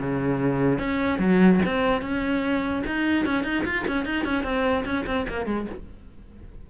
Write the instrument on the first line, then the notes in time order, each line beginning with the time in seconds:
cello
0.00 C#3
0.79 C#4
1.19 F#3
1.65 C4
2.02 C#4
2.86 D#4
3.25 C#4
3.44 D#4
3.65 F4
3.88 C#4
4.05 D#4
4.25 C#4
4.44 C4
4.85 C#4
5.06 C4
5.29 A#3
5.46 G#3